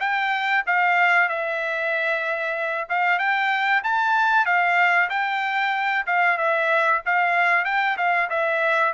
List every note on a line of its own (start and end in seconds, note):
0.00 0.64 G5
0.66 1.29 F5
1.29 2.88 E5
2.89 3.19 F5
3.19 3.82 G5
3.84 4.45 A5
4.45 5.09 F5
5.10 6.06 G5
6.06 6.38 F5
6.38 7.02 E5
7.06 7.65 F5
7.65 7.97 G5
7.97 8.29 F5
8.29 8.93 E5